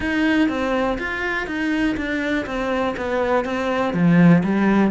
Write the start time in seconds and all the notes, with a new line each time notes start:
0.00 D#4
0.49 C4
0.98 F4
1.46 D#4
1.96 D4
2.46 C4
2.96 B3
3.44 C4
3.93 F3
4.43 G3